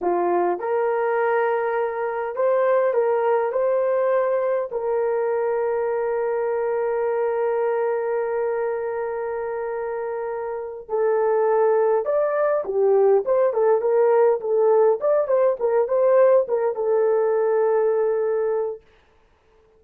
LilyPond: \new Staff \with { instrumentName = "horn" } { \time 4/4 \tempo 4 = 102 f'4 ais'2. | c''4 ais'4 c''2 | ais'1~ | ais'1~ |
ais'2~ ais'8 a'4.~ | a'8 d''4 g'4 c''8 a'8 ais'8~ | ais'8 a'4 d''8 c''8 ais'8 c''4 | ais'8 a'2.~ a'8 | }